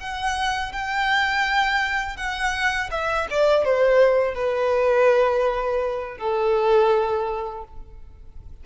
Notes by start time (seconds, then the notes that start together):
0.00 F#5
0.73 G5
2.17 F#5
2.91 E5
3.30 D5
3.65 C5
4.35 B4
6.18 A4